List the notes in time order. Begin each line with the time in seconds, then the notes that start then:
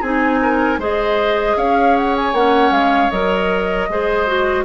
0.00 C4 D#4 G#4 G#5
0.42 A#4
0.78 G#3 G#4 C5 D#5
1.56 C#4 C#5 F5
1.96 F#5
2.16 G#5
2.33 A#3 C#4 F#5
2.70 G#3 F5
3.10 F#3 A#4 D#5
3.88 G#3 G#4 C5
4.27 F#4